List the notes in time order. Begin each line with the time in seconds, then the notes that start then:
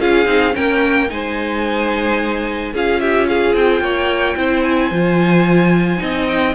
0.00 C#4 F4 G#4 F5
0.26 C4 D#4
0.52 A#3 C#4 A#4 G5
1.10 G#3 D#4 C5 G#5
2.73 C#4 F4 G#4 F5
3.00 G4 E5
3.28 G#4 F5
3.55 C4 G5
3.81 A#3 C#5
4.37 C4 E4 C5
4.63 G#5
4.91 F3 F4
5.98 C4 D#4 D#5
6.28 G5